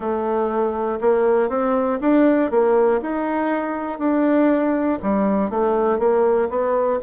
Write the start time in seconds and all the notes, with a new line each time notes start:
0.00 A3
1.00 A#3
1.49 C4
2.00 D4
2.50 A#3
3.01 D#4
3.99 D4
5.02 G3
5.50 A3
5.99 A#3
6.49 B3